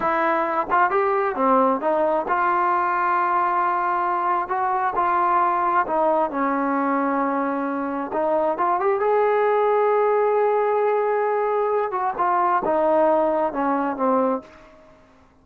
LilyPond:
\new Staff \with { instrumentName = "trombone" } { \time 4/4 \tempo 4 = 133 e'4. f'8 g'4 c'4 | dis'4 f'2.~ | f'2 fis'4 f'4~ | f'4 dis'4 cis'2~ |
cis'2 dis'4 f'8 g'8 | gis'1~ | gis'2~ gis'8 fis'8 f'4 | dis'2 cis'4 c'4 | }